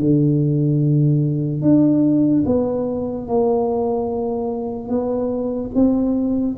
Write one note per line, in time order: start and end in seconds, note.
0.00 1.62 D3
1.62 2.44 D4
2.46 3.28 B3
3.28 4.89 A#3
4.89 5.71 B3
5.75 6.57 C4